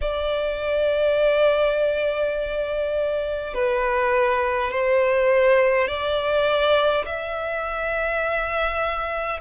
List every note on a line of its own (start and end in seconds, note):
0.01 3.53 D5
3.53 4.71 B4
4.71 5.87 C5
5.87 7.05 D5
7.05 9.40 E5